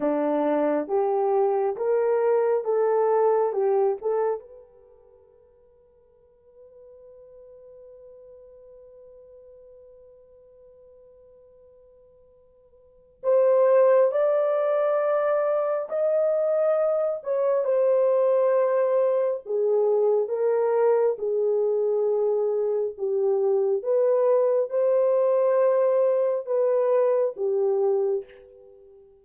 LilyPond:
\new Staff \with { instrumentName = "horn" } { \time 4/4 \tempo 4 = 68 d'4 g'4 ais'4 a'4 | g'8 a'8 b'2.~ | b'1~ | b'2. c''4 |
d''2 dis''4. cis''8 | c''2 gis'4 ais'4 | gis'2 g'4 b'4 | c''2 b'4 g'4 | }